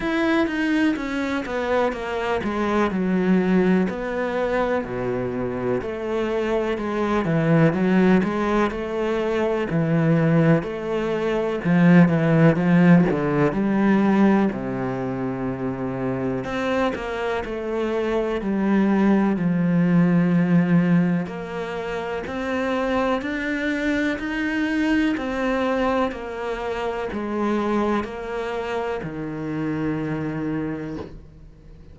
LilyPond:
\new Staff \with { instrumentName = "cello" } { \time 4/4 \tempo 4 = 62 e'8 dis'8 cis'8 b8 ais8 gis8 fis4 | b4 b,4 a4 gis8 e8 | fis8 gis8 a4 e4 a4 | f8 e8 f8 d8 g4 c4~ |
c4 c'8 ais8 a4 g4 | f2 ais4 c'4 | d'4 dis'4 c'4 ais4 | gis4 ais4 dis2 | }